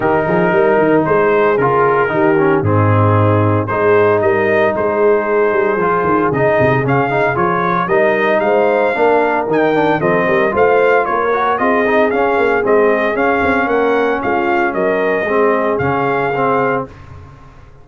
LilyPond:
<<
  \new Staff \with { instrumentName = "trumpet" } { \time 4/4 \tempo 4 = 114 ais'2 c''4 ais'4~ | ais'4 gis'2 c''4 | dis''4 c''2. | dis''4 f''4 cis''4 dis''4 |
f''2 g''4 dis''4 | f''4 cis''4 dis''4 f''4 | dis''4 f''4 fis''4 f''4 | dis''2 f''2 | }
  \new Staff \with { instrumentName = "horn" } { \time 4/4 g'8 gis'8 ais'4 gis'2 | g'4 dis'2 gis'4 | ais'4 gis'2.~ | gis'2. ais'4 |
c''4 ais'2 a'8 ais'8 | c''4 ais'4 gis'2~ | gis'2 ais'4 f'4 | ais'4 gis'2. | }
  \new Staff \with { instrumentName = "trombone" } { \time 4/4 dis'2. f'4 | dis'8 cis'8 c'2 dis'4~ | dis'2. f'4 | dis'4 cis'8 dis'8 f'4 dis'4~ |
dis'4 d'4 dis'8 d'8 c'4 | f'4. fis'8 f'8 dis'8 cis'4 | c'4 cis'2.~ | cis'4 c'4 cis'4 c'4 | }
  \new Staff \with { instrumentName = "tuba" } { \time 4/4 dis8 f8 g8 dis8 gis4 cis4 | dis4 gis,2 gis4 | g4 gis4. g8 f8 dis8 | cis8 c8 cis4 f4 g4 |
gis4 ais4 dis4 f8 g8 | a4 ais4 c'4 cis'8 ais8 | gis4 cis'8 c'8 ais4 gis4 | fis4 gis4 cis2 | }
>>